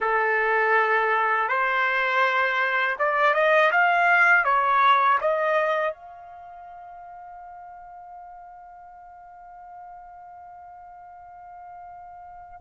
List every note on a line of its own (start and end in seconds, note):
0.00 1.48 A4
1.48 2.96 C5
2.98 3.33 D5
3.33 3.70 D#5
3.71 4.44 F5
4.44 5.18 C#5
5.20 5.93 D#5
5.93 12.60 F5